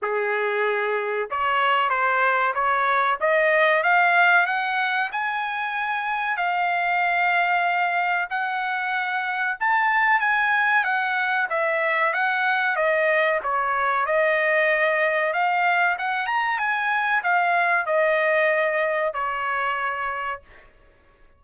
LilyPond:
\new Staff \with { instrumentName = "trumpet" } { \time 4/4 \tempo 4 = 94 gis'2 cis''4 c''4 | cis''4 dis''4 f''4 fis''4 | gis''2 f''2~ | f''4 fis''2 a''4 |
gis''4 fis''4 e''4 fis''4 | dis''4 cis''4 dis''2 | f''4 fis''8 ais''8 gis''4 f''4 | dis''2 cis''2 | }